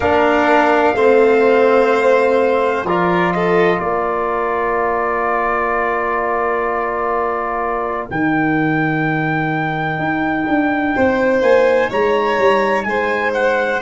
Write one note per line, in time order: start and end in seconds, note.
0.00 0.93 A#3
0.00 0.95 D4
0.00 0.94 A#4
0.00 2.86 F5
0.93 2.83 A3
0.93 2.86 C4
0.93 2.86 C5
2.83 3.78 F3
2.83 8.09 F4
2.83 3.33 A#4
2.83 3.32 D5
3.32 3.78 A4
3.32 3.79 D#5
3.78 8.08 A#3
3.78 10.93 A#4
3.78 8.08 D5
8.09 9.98 D#3
8.09 13.81 D#4
8.09 11.41 G5
9.98 10.45 D#4
10.47 10.94 D4
10.95 11.41 C4
10.95 11.90 C5
11.41 11.89 A#3
11.41 11.89 G#5
11.90 12.38 G#3
11.90 12.85 C#5
11.90 12.83 A#5
12.38 12.85 G3
12.83 13.80 G#3
12.83 13.81 C5
12.83 13.31 G#5
13.33 13.81 F#5